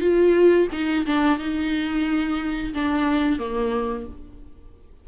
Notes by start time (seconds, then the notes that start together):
0.00 F4
0.72 D#4
1.06 D4
1.38 D#4
2.73 D4
3.39 A#3